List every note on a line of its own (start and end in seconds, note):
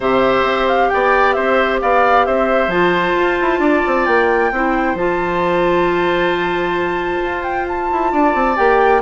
0.00 0.43 C3
0.00 2.71 G4
0.00 0.88 C5
0.00 0.67 E5
0.43 0.88 C4
0.67 0.89 F5
0.89 1.36 B3
0.89 1.35 D5
0.89 1.33 G5
1.33 1.81 C4
1.33 1.80 C5
1.33 1.78 E5
1.81 2.27 B3
1.81 2.26 D5
1.81 2.25 F5
2.25 2.67 C4
2.25 3.61 C5
2.25 2.70 E5
2.67 3.12 F3
2.67 4.51 F4
2.67 4.05 A5
3.16 3.38 F4
3.41 3.58 E4
3.58 3.81 D4
3.58 4.51 D5
3.86 4.07 C4
4.05 4.51 A#3
4.05 4.95 G5
4.51 4.94 C4
4.51 4.97 E4
4.51 8.12 C5
4.94 7.20 F3
4.94 8.56 F4
4.94 7.43 A5
7.22 7.89 F4
7.43 7.65 G5
7.68 8.56 A5
7.92 8.12 E4
8.12 8.34 D4
8.12 9.01 D5
8.34 8.57 C4
8.56 9.01 A#3
8.56 9.01 G4
8.56 9.01 G5